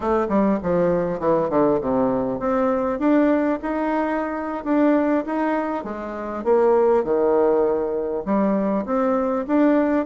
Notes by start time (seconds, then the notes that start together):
0.00 A3
0.28 G3
0.62 F3
1.19 E3
1.49 D3
1.81 C3
2.39 C4
2.99 D4
3.62 D#4
4.64 D4
5.26 D#4
5.84 G#3
6.44 A#3
7.04 D#3
8.25 G3
8.85 C4
9.47 D4